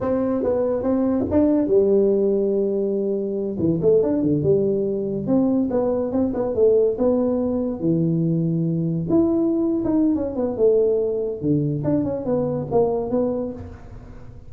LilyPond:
\new Staff \with { instrumentName = "tuba" } { \time 4/4 \tempo 4 = 142 c'4 b4 c'4 d'4 | g1~ | g8 e8 a8 d'8 d8 g4.~ | g8 c'4 b4 c'8 b8 a8~ |
a8 b2 e4.~ | e4. e'4.~ e'16 dis'8. | cis'8 b8 a2 d4 | d'8 cis'8 b4 ais4 b4 | }